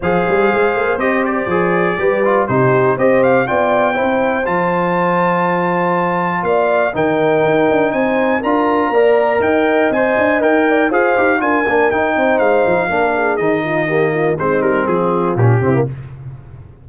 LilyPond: <<
  \new Staff \with { instrumentName = "trumpet" } { \time 4/4 \tempo 4 = 121 f''2 dis''8 d''4.~ | d''4 c''4 dis''8 f''8 g''4~ | g''4 a''2.~ | a''4 f''4 g''2 |
gis''4 ais''2 g''4 | gis''4 g''4 f''4 gis''4 | g''4 f''2 dis''4~ | dis''4 c''8 ais'8 gis'4 g'4 | }
  \new Staff \with { instrumentName = "horn" } { \time 4/4 c''1 | b'4 g'4 c''4 d''4 | c''1~ | c''4 d''4 ais'2 |
c''4 ais'4 d''4 dis''4~ | dis''4. d''8 c''4 ais'4~ | ais'8 c''4. ais'8 gis'4 f'8 | g'8 f'8 dis'4 f'4. e'8 | }
  \new Staff \with { instrumentName = "trombone" } { \time 4/4 gis'2 g'4 gis'4 | g'8 f'8 dis'4 g'4 f'4 | e'4 f'2.~ | f'2 dis'2~ |
dis'4 f'4 ais'2 | c''4 ais'4 gis'8 g'8 f'8 d'8 | dis'2 d'4 dis'4 | ais4 c'2 cis'8 c'16 ais16 | }
  \new Staff \with { instrumentName = "tuba" } { \time 4/4 f8 g8 gis8 ais8 c'4 f4 | g4 c4 c'4 b4 | c'4 f2.~ | f4 ais4 dis4 dis'8 d'8 |
c'4 d'4 ais4 dis'4 | c'8 d'8 dis'4 f'8 dis'8 d'8 ais8 | dis'8 c'8 gis8 f8 ais4 dis4~ | dis4 gis8 g8 f4 ais,8 c8 | }
>>